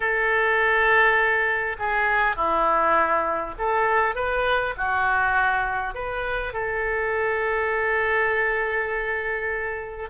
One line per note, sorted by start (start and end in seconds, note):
0.00 1.76 A4
1.78 2.35 G#4
2.35 3.54 E4
3.58 4.15 A4
4.15 4.74 B4
4.77 5.94 F#4
5.94 6.53 B4
6.53 10.09 A4